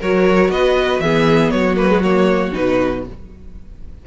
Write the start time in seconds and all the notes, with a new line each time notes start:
0.00 F#3 F#4 A#4 C#5
0.49 B3 B4 D#5
0.99 E3 B3 G#4 E5
1.50 F#3 F#4 C#5
1.77 A#3 B4
1.88 G#3
2.02 A#3 C#5
2.52 B2 D#4 B4